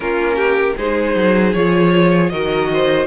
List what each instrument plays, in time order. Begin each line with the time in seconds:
0.00 cello A#3, viola C#4, violin F4 A#4
0.35 violin G4
0.76 cello G#3, viola D#4, violin G#4 C5
1.15 cello F#3
1.53 cello F3, viola F4, violin C#5
2.29 cello D#3, viola F#4, violin A#4 D#5
2.73 violin C5